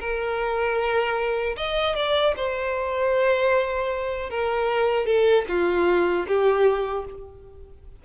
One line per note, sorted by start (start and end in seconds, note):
0.00 1.56 A#4
1.56 1.95 D#5
1.95 2.34 D5
2.36 4.30 C5
4.30 5.05 A#4
5.05 5.44 A4
5.48 6.26 F4
6.27 7.05 G4